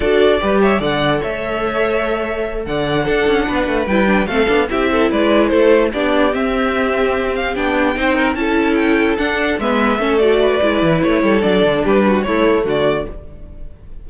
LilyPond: <<
  \new Staff \with { instrumentName = "violin" } { \time 4/4 \tempo 4 = 147 d''4. e''8 fis''4 e''4~ | e''2~ e''8 fis''4.~ | fis''4. g''4 f''4 e''8~ | e''8 d''4 c''4 d''4 e''8~ |
e''2 f''8 g''4.~ | g''8 a''4 g''4 fis''4 e''8~ | e''4 d''2 cis''4 | d''4 b'4 cis''4 d''4 | }
  \new Staff \with { instrumentName = "violin" } { \time 4/4 a'4 b'8 cis''8 d''4 cis''4~ | cis''2~ cis''8 d''4 a'8~ | a'8 b'2 a'4 g'8 | a'8 b'4 a'4 g'4.~ |
g'2.~ g'8 c''8 | ais'8 a'2. b'8~ | b'8 a'4 b'2 a'8~ | a'4 g'8 fis'8 e'4 fis'4 | }
  \new Staff \with { instrumentName = "viola" } { \time 4/4 fis'4 g'4 a'2~ | a'2.~ a'8 d'8~ | d'4. e'8 d'8 c'8 d'8 e'8~ | e'2~ e'8 d'4 c'8~ |
c'2~ c'8 d'4 dis'8~ | dis'8 e'2 d'4 b8~ | b8 cis'8 fis'4 e'2 | d'2 a2 | }
  \new Staff \with { instrumentName = "cello" } { \time 4/4 d'4 g4 d4 a4~ | a2~ a8 d4 d'8 | cis'8 b8 a8 g4 a8 b8 c'8~ | c'8 gis4 a4 b4 c'8~ |
c'2~ c'8 b4 c'8~ | c'8 cis'2 d'4 gis8~ | gis8 a4. gis8 e8 a8 g8 | fis8 d8 g4 a4 d4 | }
>>